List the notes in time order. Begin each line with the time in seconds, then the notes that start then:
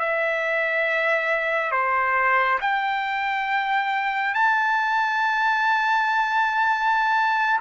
0.00 E5
1.72 C5
2.62 G5
4.35 A5